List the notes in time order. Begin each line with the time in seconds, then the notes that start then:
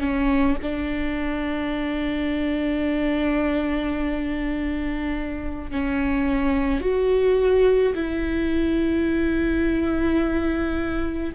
0.00 C#4
0.62 D4
5.71 C#4
6.80 F#4
7.95 E4